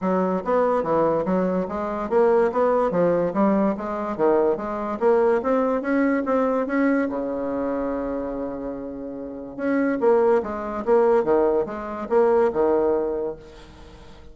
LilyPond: \new Staff \with { instrumentName = "bassoon" } { \time 4/4 \tempo 4 = 144 fis4 b4 e4 fis4 | gis4 ais4 b4 f4 | g4 gis4 dis4 gis4 | ais4 c'4 cis'4 c'4 |
cis'4 cis2.~ | cis2. cis'4 | ais4 gis4 ais4 dis4 | gis4 ais4 dis2 | }